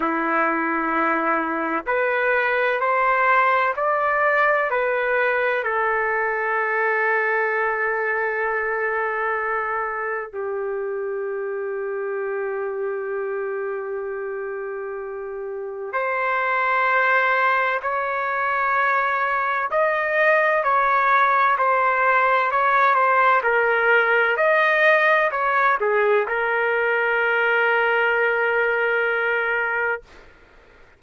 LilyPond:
\new Staff \with { instrumentName = "trumpet" } { \time 4/4 \tempo 4 = 64 e'2 b'4 c''4 | d''4 b'4 a'2~ | a'2. g'4~ | g'1~ |
g'4 c''2 cis''4~ | cis''4 dis''4 cis''4 c''4 | cis''8 c''8 ais'4 dis''4 cis''8 gis'8 | ais'1 | }